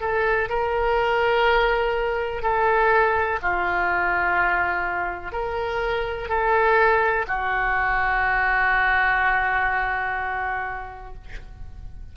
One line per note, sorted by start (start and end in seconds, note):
0.00 0.48 A4
0.49 2.42 A#4
2.42 3.39 A4
3.41 5.32 F4
5.32 6.29 A#4
6.29 7.25 A4
7.27 11.14 F#4